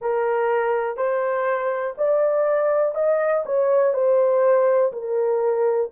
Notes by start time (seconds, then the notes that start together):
0.00 A#4
0.97 C5
1.97 D5
2.95 D#5
3.45 C#5
3.93 C5
4.92 A#4